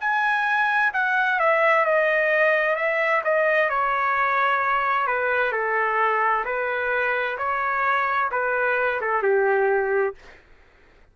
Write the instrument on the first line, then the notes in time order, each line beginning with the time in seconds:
trumpet
0.00 G#5
0.93 F#5
1.39 E5
1.85 D#5
2.76 E5
3.24 D#5
3.69 C#5
5.07 B4
5.52 A4
6.45 B4
7.38 C#5
8.31 B4
9.01 A4
9.22 G4